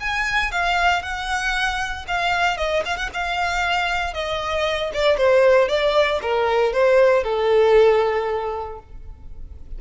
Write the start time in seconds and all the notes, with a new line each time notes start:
0.00 G#5
0.51 F5
1.02 F#5
2.07 F5
2.57 D#5
2.85 F5
2.96 F#5
3.13 F5
4.14 D#5
4.93 D5
5.17 C5
5.68 D5
6.22 A#4
6.73 C5
7.23 A4